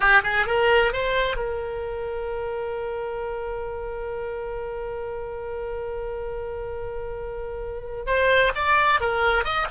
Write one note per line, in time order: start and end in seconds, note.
0.00 0.22 G4
0.23 0.46 G#4
0.46 0.92 A#4
0.92 1.36 C5
1.36 8.05 A#4
8.06 8.52 C5
8.55 9.00 D5
9.00 9.44 A#4
9.44 9.67 D#5